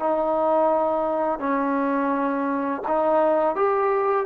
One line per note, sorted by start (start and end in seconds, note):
0.00 1.40 D#4
1.40 2.82 C#4
2.88 3.56 D#4
3.56 4.26 G4